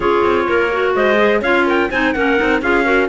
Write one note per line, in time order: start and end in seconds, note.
0.00 0.20 C#4
0.00 0.70 F4
0.00 0.46 G#4
0.00 0.93 C#5
0.23 0.47 C4
0.47 0.95 A#3
0.47 0.95 A#4
0.71 1.16 F#4
0.95 1.41 G#3
0.95 1.41 C5
0.95 1.42 D#5
1.16 1.40 G#4
1.41 1.89 C#4
1.41 1.91 F4
1.41 1.65 C#5
1.41 1.66 F5
1.66 1.90 A#4
1.66 1.90 G5
1.90 2.15 C4
1.90 2.15 D#4
1.90 2.15 C5
1.90 2.13 G#5
2.13 2.39 A#3
2.13 2.37 C#4
2.13 2.62 A#4
2.13 2.60 F#5
2.37 2.61 C4
2.37 2.61 D#4
2.61 3.09 C#4
2.61 2.83 F4
2.61 2.84 G#4
2.61 3.09 F5
2.83 3.07 F#4
2.83 3.08 A#4